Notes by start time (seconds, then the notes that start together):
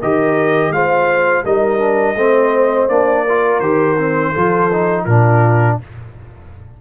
0.00 D#3 G4 A#4 D#5
0.70 G#3 F4 C5 F5
1.44 G3 D#4 A#4 D#5
1.78 D4
2.15 A3 C4 C5
2.88 A#3 D4 D5
3.24 F4 A#4
3.60 D#3 G4 C5
3.97 C4
4.32 F3 F4 A4
4.72 D#4
5.05 A#2 D4 F4 A#4